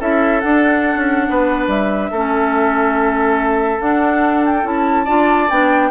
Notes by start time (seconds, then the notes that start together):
0.00 C#4 E4 A4 E5
0.40 D4 F#5
0.96 C#4
1.30 B3 B4
1.68 G3 E5
2.11 A3 C#4 A4
3.79 D4 F#5
4.46 G5
4.64 C#4 E4 A5
5.05 D4 F4 D5
5.50 B3 D4 G5